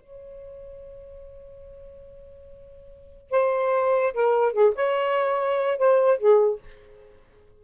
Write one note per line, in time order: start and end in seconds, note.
0.00 3.30 C#5
3.30 4.13 C5
4.13 4.53 A#4
4.53 4.73 G#4
4.75 5.78 C#5
5.78 6.18 C5
6.18 6.59 G#4